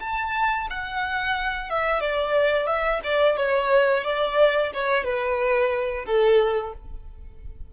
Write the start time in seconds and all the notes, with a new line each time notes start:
0.00 A5
0.70 F#5
1.70 E5
2.00 D5
2.67 E5
3.03 D5
3.36 C#5
4.04 D5
4.73 C#5
5.04 B4
6.06 A4